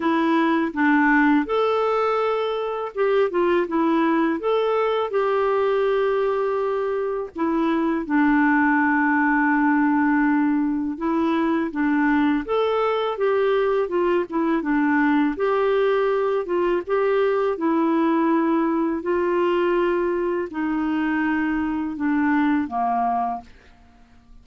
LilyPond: \new Staff \with { instrumentName = "clarinet" } { \time 4/4 \tempo 4 = 82 e'4 d'4 a'2 | g'8 f'8 e'4 a'4 g'4~ | g'2 e'4 d'4~ | d'2. e'4 |
d'4 a'4 g'4 f'8 e'8 | d'4 g'4. f'8 g'4 | e'2 f'2 | dis'2 d'4 ais4 | }